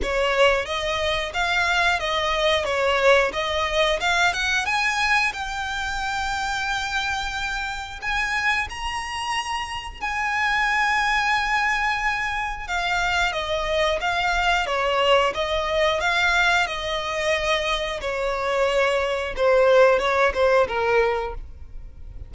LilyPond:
\new Staff \with { instrumentName = "violin" } { \time 4/4 \tempo 4 = 90 cis''4 dis''4 f''4 dis''4 | cis''4 dis''4 f''8 fis''8 gis''4 | g''1 | gis''4 ais''2 gis''4~ |
gis''2. f''4 | dis''4 f''4 cis''4 dis''4 | f''4 dis''2 cis''4~ | cis''4 c''4 cis''8 c''8 ais'4 | }